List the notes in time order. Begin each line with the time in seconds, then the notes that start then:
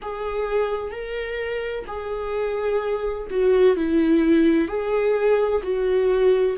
0.02 G#4
0.91 A#4
1.87 G#4
3.30 F#4
3.76 E4
4.67 G#4
5.62 F#4